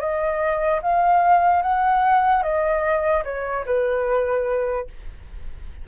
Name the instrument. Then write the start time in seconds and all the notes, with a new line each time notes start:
flute
0.00 D#5
0.83 F5
1.63 F#5
2.43 D#5
3.25 C#5
3.66 B4